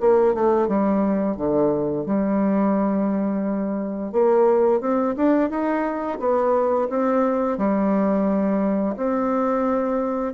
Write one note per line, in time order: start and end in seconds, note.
0.00 0.34 A#3
0.34 0.68 A3
0.68 1.36 G3
1.36 2.05 D3
2.06 4.12 G3
4.12 4.80 A#3
4.80 5.15 C4
5.17 5.50 D4
5.50 6.18 D#4
6.19 6.88 B3
6.89 7.57 C4
7.57 8.95 G3
8.96 10.33 C4